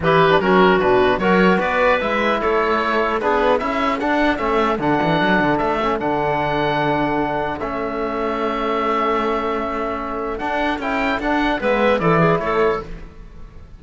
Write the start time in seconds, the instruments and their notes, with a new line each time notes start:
0.00 cello E3, trombone E4, clarinet G4, oboe B4
0.30 trombone D4
0.39 cello F#3, trombone C#4, clarinet F#4, oboe A#4
0.79 cello B2, trombone D4, oboe B4
1.17 cello F#3, trombone F#4, clarinet A#4, oboe C#5
1.59 cello B3, clarinet B4, oboe D5
2.00 cello G#3, trombone E4, oboe E5
2.40 cello A3, clarinet A4, oboe C#5
3.20 cello B3, trombone D4, clarinet G#4, oboe B4
3.58 cello C#4, trombone E4, clarinet A4, oboe E5
3.99 trombone D4, cello D4, oboe F#5
4.36 cello A3, trombone C#4, oboe E5
4.79 cello D3, trombone D4, oboe F#5
5.02 cello E3
5.21 cello F#3
5.39 cello D3
5.58 cello A3, oboe E5
5.82 trombone C#4
5.99 cello D3, trombone D4, oboe F#5
7.59 cello A3, trombone C#4, oboe E5
10.38 trombone D4, cello D4, oboe F#5
10.78 cello C#4, trombone E4, oboe G5
11.19 cello D4, trombone D4, oboe F#5
11.59 cello G#3, trombone B3, clarinet B4, oboe E5
11.99 cello E3, trombone E4, clarinet A4, oboe D5
12.19 clarinet G#4
12.39 cello A3, clarinet A4, oboe C#5